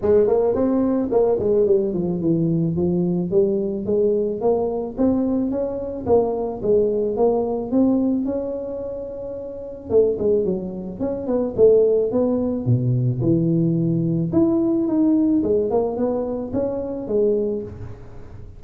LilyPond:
\new Staff \with { instrumentName = "tuba" } { \time 4/4 \tempo 4 = 109 gis8 ais8 c'4 ais8 gis8 g8 f8 | e4 f4 g4 gis4 | ais4 c'4 cis'4 ais4 | gis4 ais4 c'4 cis'4~ |
cis'2 a8 gis8 fis4 | cis'8 b8 a4 b4 b,4 | e2 e'4 dis'4 | gis8 ais8 b4 cis'4 gis4 | }